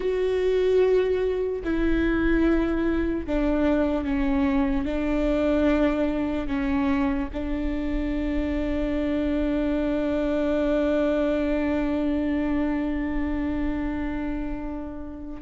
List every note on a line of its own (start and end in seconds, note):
0.00 1.62 F#4
1.64 3.26 E4
3.26 4.04 D4
4.04 4.85 C#4
4.85 6.47 D4
6.47 7.28 C#4
7.33 15.42 D4